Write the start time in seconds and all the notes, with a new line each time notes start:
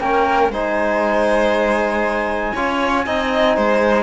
0.00 A#3 C#4 A#4 G5
0.49 G#3 D#4 C5 G#5
2.54 C#4 F4 C#5
3.05 C4 D#4 D#5
3.56 G#3 C5